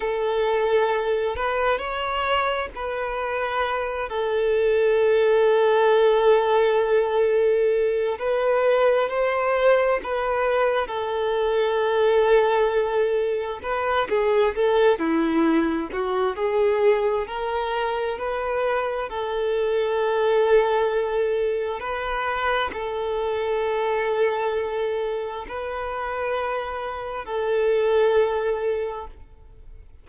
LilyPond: \new Staff \with { instrumentName = "violin" } { \time 4/4 \tempo 4 = 66 a'4. b'8 cis''4 b'4~ | b'8 a'2.~ a'8~ | a'4 b'4 c''4 b'4 | a'2. b'8 gis'8 |
a'8 e'4 fis'8 gis'4 ais'4 | b'4 a'2. | b'4 a'2. | b'2 a'2 | }